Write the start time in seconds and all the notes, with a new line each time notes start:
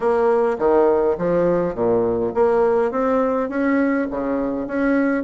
0.00 A#3
0.58 D#3
1.18 F3
1.74 A#2
2.34 A#3
2.91 C4
3.49 C#4
4.10 C#3
4.67 C#4